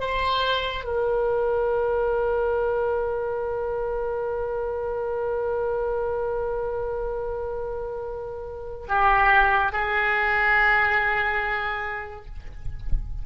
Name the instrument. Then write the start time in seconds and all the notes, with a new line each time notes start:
oboe
0.00 C5
0.84 A#4
8.88 G4
9.72 G#4